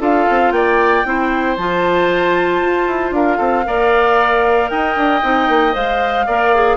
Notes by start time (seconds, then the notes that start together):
0.00 D4 F4 A4 F5
0.30 C4
0.52 A#3 D5 G5
1.05 C4 E4 C5
1.57 F3 F4 A5
2.62 F4
2.87 E4
3.11 D4 A#4 F5
3.38 C4 A4
3.65 A#3 A#4 D5
4.70 D#4 D#5 G5
4.96 D4
5.23 C4 D#4
5.48 A#3
5.72 G#3 C5 F5
6.27 A#3 A#4 D5
6.55 G#4